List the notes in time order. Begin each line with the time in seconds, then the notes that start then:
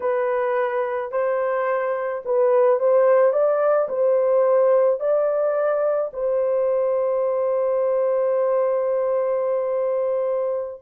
0.00 B4
1.11 C5
2.25 B4
2.79 C5
3.32 D5
3.88 C5
5.00 D5
6.13 C5